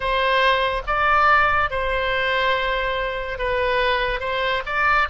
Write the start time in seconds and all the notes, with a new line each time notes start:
0.00 C5
0.86 D5
1.70 C5
3.38 B4
4.20 C5
4.66 D5